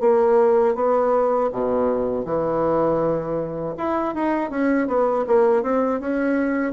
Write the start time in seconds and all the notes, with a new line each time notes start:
0.00 A#3
0.75 B3
1.52 B2
2.25 E3
3.77 E4
4.14 D#4
4.50 C#4
4.87 B3
5.27 A#3
5.62 C4
6.00 C#4